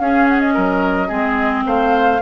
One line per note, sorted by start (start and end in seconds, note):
0.00 0.56 C#4
0.00 1.09 C#4
0.00 0.54 G#4
0.00 0.28 F5
0.29 0.40 F#5
0.40 1.65 D#5
0.54 1.11 F#3
0.54 1.08 A#4
1.08 1.66 G#3
1.08 2.20 C4
1.08 1.64 G#4
1.66 2.22 A3
1.66 2.22 C5
1.66 2.22 F5